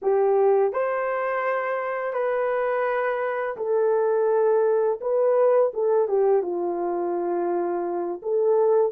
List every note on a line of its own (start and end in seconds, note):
0.02 0.72 G4
0.72 2.13 C5
2.13 3.56 B4
3.56 4.99 A4
5.00 5.72 B4
5.73 6.07 A4
6.07 6.42 G4
6.42 8.21 F4
8.22 8.92 A4